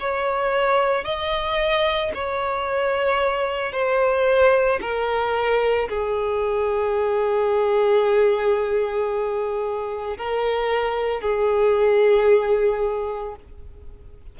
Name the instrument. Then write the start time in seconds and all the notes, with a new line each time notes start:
violin
0.00 C#5
1.04 D#5
2.14 C#5
3.73 C5
4.81 A#4
5.89 G#4
10.17 A#4
11.21 G#4